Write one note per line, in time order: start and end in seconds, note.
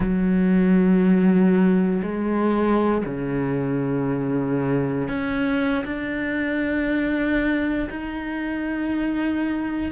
0.00 2.01 F#3
2.02 3.04 G#3
3.05 5.08 C#3
5.08 5.84 C#4
5.85 7.88 D4
7.90 9.91 D#4